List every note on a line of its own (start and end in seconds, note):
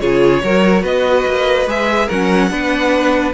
0.00 0.43 C#3
0.00 0.42 F4
0.00 0.42 G#4
0.00 0.83 C#5
0.43 0.83 F#3
0.43 1.68 F#4
0.43 0.82 A#4
0.82 1.24 B3
0.82 2.05 B4
0.82 1.68 D#5
1.25 1.66 A#3
1.66 2.07 G#3
1.66 2.09 G#4
1.66 2.08 E5
2.05 2.50 F#3
2.05 2.50 C#4
2.05 2.47 A#4
2.05 3.33 F#5
2.50 3.33 B3
2.50 3.33 D4
2.50 3.33 B4